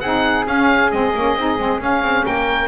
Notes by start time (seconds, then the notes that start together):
0.00 C4 D#4 G#4 F#5
0.46 C#4 F5
0.91 G#3 C4 D#5
1.15 A#3 C#4
1.36 C4 D#4
1.58 G#3 C4
1.79 C#4 F5
2.02 C4
2.25 A#3 A#4 G5